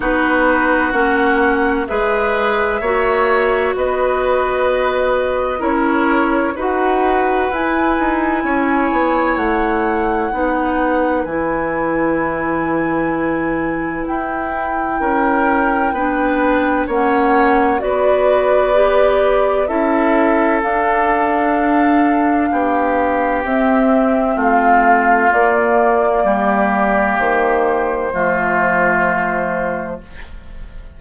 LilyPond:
<<
  \new Staff \with { instrumentName = "flute" } { \time 4/4 \tempo 4 = 64 b'4 fis''4 e''2 | dis''2 cis''4 fis''4 | gis''2 fis''2 | gis''2. g''4~ |
g''2 fis''4 d''4~ | d''4 e''4 f''2~ | f''4 e''4 f''4 d''4~ | d''4 c''2. | }
  \new Staff \with { instrumentName = "oboe" } { \time 4/4 fis'2 b'4 cis''4 | b'2 ais'4 b'4~ | b'4 cis''2 b'4~ | b'1 |
ais'4 b'4 cis''4 b'4~ | b'4 a'2. | g'2 f'2 | g'2 f'2 | }
  \new Staff \with { instrumentName = "clarinet" } { \time 4/4 dis'4 cis'4 gis'4 fis'4~ | fis'2 e'4 fis'4 | e'2. dis'4 | e'1~ |
e'4 d'4 cis'4 fis'4 | g'4 e'4 d'2~ | d'4 c'2 ais4~ | ais2 a2 | }
  \new Staff \with { instrumentName = "bassoon" } { \time 4/4 b4 ais4 gis4 ais4 | b2 cis'4 dis'4 | e'8 dis'8 cis'8 b8 a4 b4 | e2. e'4 |
cis'4 b4 ais4 b4~ | b4 cis'4 d'2 | b4 c'4 a4 ais4 | g4 dis4 f2 | }
>>